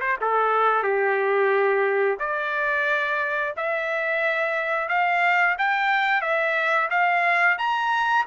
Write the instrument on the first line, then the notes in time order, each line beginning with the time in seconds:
trumpet
0.00 C5
0.21 A4
0.83 G4
2.19 D5
3.56 E5
4.88 F5
5.58 G5
6.21 E5
6.90 F5
7.58 A#5